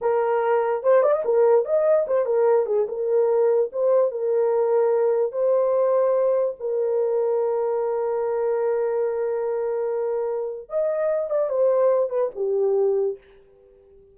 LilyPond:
\new Staff \with { instrumentName = "horn" } { \time 4/4 \tempo 4 = 146 ais'2 c''8 d''16 dis''16 ais'4 | dis''4 c''8 ais'4 gis'8 ais'4~ | ais'4 c''4 ais'2~ | ais'4 c''2. |
ais'1~ | ais'1~ | ais'2 dis''4. d''8 | c''4. b'8 g'2 | }